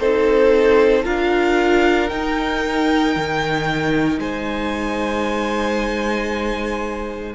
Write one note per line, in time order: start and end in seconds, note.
0.00 1.06 C4
0.00 1.04 D#4
0.00 1.04 A4
0.00 1.05 C5
1.04 2.12 D4
1.04 2.10 F4
1.04 4.20 A#4
1.04 2.09 F5
2.09 7.36 D#4
2.09 3.16 D#4
2.09 4.20 G5
3.16 4.19 D#3
4.19 7.34 G#3
4.19 7.36 C5
4.19 7.36 G#5